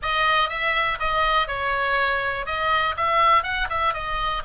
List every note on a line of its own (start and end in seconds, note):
0.02 0.49 D#5
0.49 0.98 E5
0.99 1.47 D#5
1.47 2.45 C#5
2.45 2.95 D#5
2.96 3.43 E5
3.43 3.67 F#5
3.69 3.93 E5
3.93 4.43 D#5